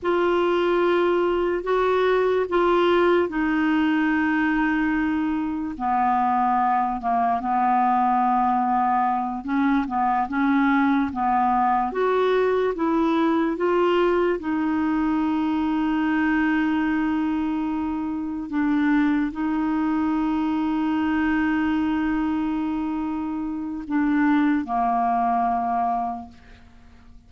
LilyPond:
\new Staff \with { instrumentName = "clarinet" } { \time 4/4 \tempo 4 = 73 f'2 fis'4 f'4 | dis'2. b4~ | b8 ais8 b2~ b8 cis'8 | b8 cis'4 b4 fis'4 e'8~ |
e'8 f'4 dis'2~ dis'8~ | dis'2~ dis'8 d'4 dis'8~ | dis'1~ | dis'4 d'4 ais2 | }